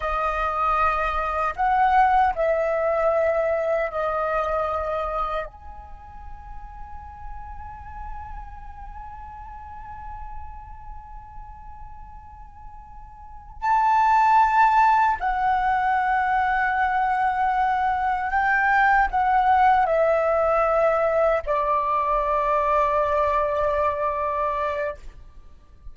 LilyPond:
\new Staff \with { instrumentName = "flute" } { \time 4/4 \tempo 4 = 77 dis''2 fis''4 e''4~ | e''4 dis''2 gis''4~ | gis''1~ | gis''1~ |
gis''4. a''2 fis''8~ | fis''2.~ fis''8 g''8~ | g''8 fis''4 e''2 d''8~ | d''1 | }